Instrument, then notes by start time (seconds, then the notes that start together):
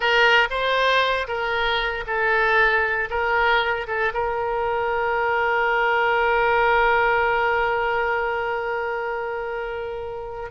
oboe
0.00 A#4
0.50 C5
1.27 A#4
2.06 A4
3.09 A#4
3.87 A4
4.13 A#4